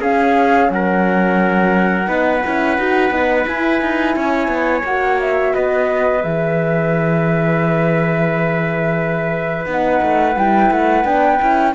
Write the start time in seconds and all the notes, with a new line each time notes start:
0.00 C#4 G#4 F5
0.70 F#3 A#4 F#5
2.07 B3 D#4 B4
2.44 C#4 E4
2.78 D#4 F#4
3.11 B3 D#4
3.47 E4 G#5
3.82 D#4
4.16 C#4 C#5
4.48 B3
4.84 A#3 F#4 F#5
5.20 E5
5.55 B3 B4 D#5
6.22 E3 G#4 E5
9.66 B3 D#4 F#5
10.02 A3
10.36 G3 E4 G5
10.71 A3 F#5
11.05 B3 D4 G5
11.40 C#4 E4